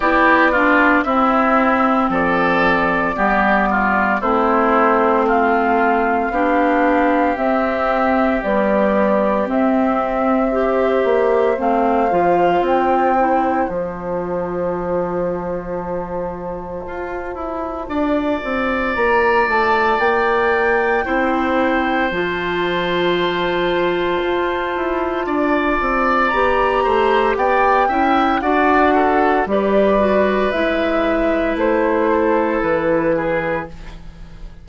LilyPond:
<<
  \new Staff \with { instrumentName = "flute" } { \time 4/4 \tempo 4 = 57 d''4 e''4 d''2 | c''4 f''2 e''4 | d''4 e''2 f''4 | g''4 a''2.~ |
a''2 ais''8 a''8 g''4~ | g''4 a''2.~ | a''4 ais''4 g''4 fis''4 | d''4 e''4 c''4 b'4 | }
  \new Staff \with { instrumentName = "oboe" } { \time 4/4 g'8 f'8 e'4 a'4 g'8 f'8 | e'4 f'4 g'2~ | g'2 c''2~ | c''1~ |
c''4 d''2. | c''1 | d''4. c''8 d''8 e''8 d''8 a'8 | b'2~ b'8 a'4 gis'8 | }
  \new Staff \with { instrumentName = "clarinet" } { \time 4/4 e'8 d'8 c'2 b4 | c'2 d'4 c'4 | g4 c'4 g'4 c'8 f'8~ | f'8 e'8 f'2.~ |
f'1 | e'4 f'2.~ | f'4 g'4. e'8 fis'4 | g'8 fis'8 e'2. | }
  \new Staff \with { instrumentName = "bassoon" } { \time 4/4 b4 c'4 f4 g4 | a2 b4 c'4 | b4 c'4. ais8 a8 f8 | c'4 f2. |
f'8 e'8 d'8 c'8 ais8 a8 ais4 | c'4 f2 f'8 e'8 | d'8 c'8 b8 a8 b8 cis'8 d'4 | g4 gis4 a4 e4 | }
>>